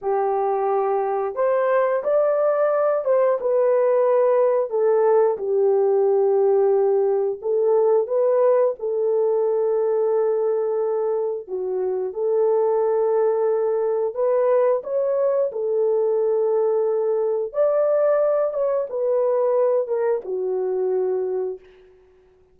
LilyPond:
\new Staff \with { instrumentName = "horn" } { \time 4/4 \tempo 4 = 89 g'2 c''4 d''4~ | d''8 c''8 b'2 a'4 | g'2. a'4 | b'4 a'2.~ |
a'4 fis'4 a'2~ | a'4 b'4 cis''4 a'4~ | a'2 d''4. cis''8 | b'4. ais'8 fis'2 | }